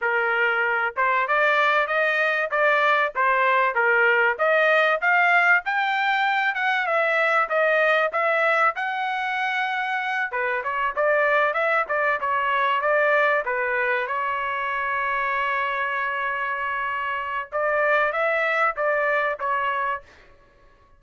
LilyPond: \new Staff \with { instrumentName = "trumpet" } { \time 4/4 \tempo 4 = 96 ais'4. c''8 d''4 dis''4 | d''4 c''4 ais'4 dis''4 | f''4 g''4. fis''8 e''4 | dis''4 e''4 fis''2~ |
fis''8 b'8 cis''8 d''4 e''8 d''8 cis''8~ | cis''8 d''4 b'4 cis''4.~ | cis''1 | d''4 e''4 d''4 cis''4 | }